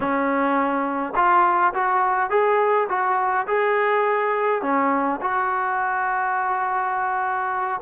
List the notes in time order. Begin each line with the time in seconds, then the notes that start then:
0.00 C#4
1.15 F4
1.74 F#4
2.29 G#4
2.88 F#4
3.47 G#4
4.62 C#4
5.21 F#4